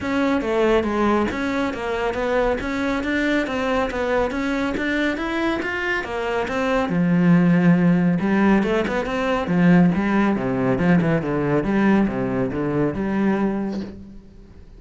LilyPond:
\new Staff \with { instrumentName = "cello" } { \time 4/4 \tempo 4 = 139 cis'4 a4 gis4 cis'4 | ais4 b4 cis'4 d'4 | c'4 b4 cis'4 d'4 | e'4 f'4 ais4 c'4 |
f2. g4 | a8 b8 c'4 f4 g4 | c4 f8 e8 d4 g4 | c4 d4 g2 | }